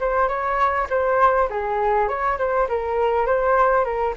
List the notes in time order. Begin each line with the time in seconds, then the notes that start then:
0.00 C5
0.28 C#5
0.89 C5
1.50 G#4
2.08 C#5
2.38 C5
2.68 A#4
3.26 C5
3.84 A#4